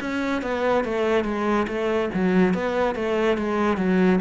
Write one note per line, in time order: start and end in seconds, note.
0.00 0.41 C#4
0.41 0.84 B3
0.84 1.24 A3
1.24 1.66 G#3
1.67 2.09 A3
2.14 2.54 F#3
2.54 2.95 B3
2.95 3.37 A3
3.37 3.77 G#3
3.77 4.19 F#3